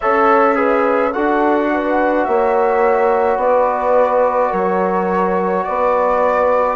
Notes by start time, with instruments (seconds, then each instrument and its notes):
0.00 bassoon C#4, trombone A4, horn C#5, flute E5
0.55 trombone G#4, horn B4
1.12 bassoon D4, trombone F#4, horn A4, flute F#5
1.73 horn B4
2.24 bassoon A#3, horn C#5, flute E5
3.37 bassoon B3, horn B4, flute D5
4.50 bassoon F#3, horn A#4, flute C#5
5.64 bassoon B3, horn B4, flute D5